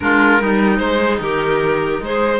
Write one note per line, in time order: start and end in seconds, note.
0.00 0.40 G#3
0.00 0.39 D4
0.00 0.42 F4
0.00 0.77 A#4
0.39 0.79 G3
0.39 1.00 D#4
0.39 2.39 D#4
0.77 1.19 G#3
0.77 1.18 C5
1.03 1.22 G#4
1.20 2.00 D#3
1.20 2.03 G4
1.20 2.03 A#4
2.00 2.39 G#3
2.00 2.39 G#4
2.00 2.39 C5